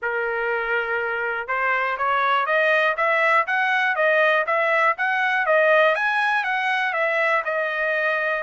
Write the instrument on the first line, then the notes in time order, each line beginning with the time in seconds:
trumpet
0.02 A#4
1.47 C5
1.97 C#5
2.45 D#5
2.96 E5
3.46 F#5
3.95 D#5
4.46 E5
4.97 F#5
5.46 D#5
5.95 G#5
6.43 F#5
6.93 E5
7.44 D#5